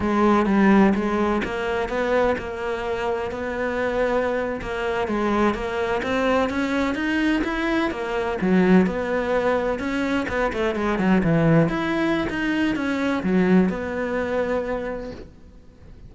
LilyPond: \new Staff \with { instrumentName = "cello" } { \time 4/4 \tempo 4 = 127 gis4 g4 gis4 ais4 | b4 ais2 b4~ | b4.~ b16 ais4 gis4 ais16~ | ais8. c'4 cis'4 dis'4 e'16~ |
e'8. ais4 fis4 b4~ b16~ | b8. cis'4 b8 a8 gis8 fis8 e16~ | e8. e'4~ e'16 dis'4 cis'4 | fis4 b2. | }